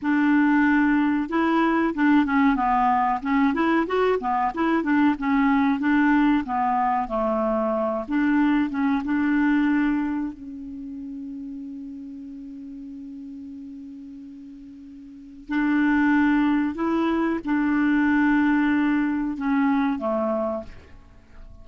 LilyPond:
\new Staff \with { instrumentName = "clarinet" } { \time 4/4 \tempo 4 = 93 d'2 e'4 d'8 cis'8 | b4 cis'8 e'8 fis'8 b8 e'8 d'8 | cis'4 d'4 b4 a4~ | a8 d'4 cis'8 d'2 |
cis'1~ | cis'1 | d'2 e'4 d'4~ | d'2 cis'4 a4 | }